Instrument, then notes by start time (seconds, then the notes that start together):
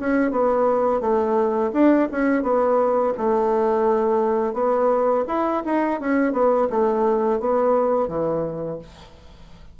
bassoon
0.00 C#4
0.31 B3
1.01 A3
1.73 D4
2.11 C#4
2.43 B3
3.17 A3
4.54 B3
5.28 E4
5.65 D#4
6.00 C#4
6.33 B3
6.70 A3
7.40 B3
8.08 E3